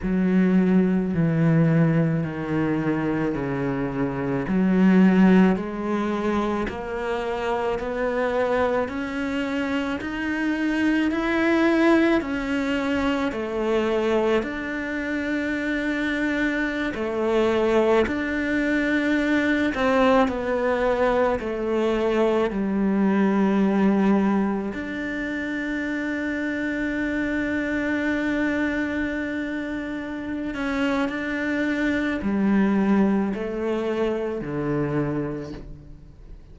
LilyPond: \new Staff \with { instrumentName = "cello" } { \time 4/4 \tempo 4 = 54 fis4 e4 dis4 cis4 | fis4 gis4 ais4 b4 | cis'4 dis'4 e'4 cis'4 | a4 d'2~ d'16 a8.~ |
a16 d'4. c'8 b4 a8.~ | a16 g2 d'4.~ d'16~ | d'2.~ d'8 cis'8 | d'4 g4 a4 d4 | }